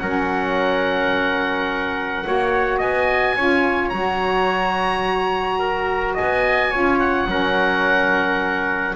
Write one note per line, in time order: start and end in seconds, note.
0.00 2.25 F#3
0.00 2.25 C#4
0.00 2.27 A#4
0.00 2.80 F#5
2.25 2.82 A#3
2.25 3.37 F#4
2.25 2.78 C#5
2.78 3.37 B3
2.78 3.34 D#5
2.78 3.90 G#5
3.36 3.92 C#4
3.36 3.93 F4
3.36 5.59 C#5
3.90 6.16 F#3
3.90 6.73 F#4
3.90 6.14 A#5
5.59 6.15 A#4
6.15 6.71 D#5
6.15 7.00 G#5
6.22 6.75 B3
6.71 7.26 C#4
6.71 7.28 F4
6.71 7.27 C#5
7.00 8.96 F#5
7.26 8.94 F#3
7.26 8.96 C#4
7.26 8.96 A#4